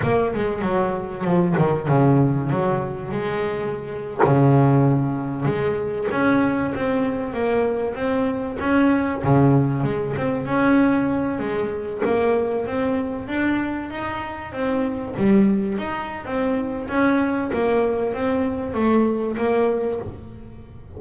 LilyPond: \new Staff \with { instrumentName = "double bass" } { \time 4/4 \tempo 4 = 96 ais8 gis8 fis4 f8 dis8 cis4 | fis4 gis4.~ gis16 cis4~ cis16~ | cis8. gis4 cis'4 c'4 ais16~ | ais8. c'4 cis'4 cis4 gis16~ |
gis16 c'8 cis'4. gis4 ais8.~ | ais16 c'4 d'4 dis'4 c'8.~ | c'16 g4 dis'8. c'4 cis'4 | ais4 c'4 a4 ais4 | }